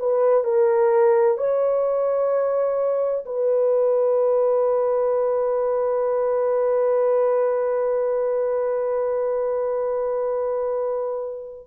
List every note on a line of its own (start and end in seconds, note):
0.00 0.44 B4
0.44 1.38 A#4
1.38 3.26 C#5
3.26 11.68 B4